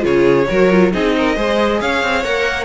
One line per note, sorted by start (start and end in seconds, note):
0.00 0.48 C#3
0.00 0.44 F4
0.00 0.48 G#4
0.00 0.92 C#5
0.47 0.94 F#3
0.47 0.69 F#4
0.47 0.92 A#4
0.71 0.92 F4
0.92 1.36 C4
0.92 1.35 D#4
0.92 1.16 G#4
0.92 1.80 D#5
1.17 1.36 A#4
1.35 1.80 G#3
1.35 2.23 G#4
1.35 1.80 C5
1.80 2.02 C#4
1.80 2.64 C#5
1.80 2.23 F5
2.02 2.24 C4
2.23 2.64 A#3
2.23 2.64 A#4
2.23 2.64 F#5